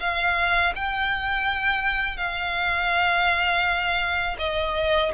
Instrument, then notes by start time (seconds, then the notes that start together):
violin
0.00 F5
0.75 G5
2.17 F5
4.39 D#5